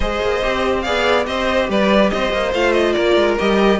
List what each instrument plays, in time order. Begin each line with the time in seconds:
0.00 cello G#3, viola G#4, violin C5 D#5
0.21 cello A#3
0.42 cello C4, viola G4
0.81 cello B3, viola G#4, violin D5 F5
1.24 cello C4, viola G4, violin C5 D#5
1.68 cello G3, violin B4 D5
2.10 cello C4, violin C5 D#5
2.32 cello A#3
2.53 cello A3, viola F4, violin F5
2.72 violin D#5
2.93 cello A#3, violin A#4 D5
3.15 cello G#3
3.38 cello G3, viola G4, violin D#5